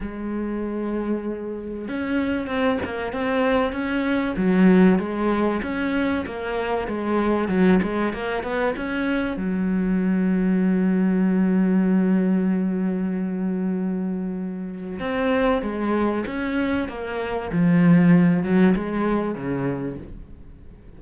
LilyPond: \new Staff \with { instrumentName = "cello" } { \time 4/4 \tempo 4 = 96 gis2. cis'4 | c'8 ais8 c'4 cis'4 fis4 | gis4 cis'4 ais4 gis4 | fis8 gis8 ais8 b8 cis'4 fis4~ |
fis1~ | fis1 | c'4 gis4 cis'4 ais4 | f4. fis8 gis4 cis4 | }